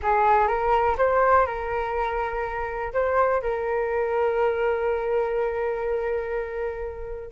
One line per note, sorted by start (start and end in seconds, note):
0.02 0.47 G#4
0.47 0.96 A#4
0.97 1.46 C5
1.46 2.92 A#4
2.93 3.41 C5
3.41 7.31 A#4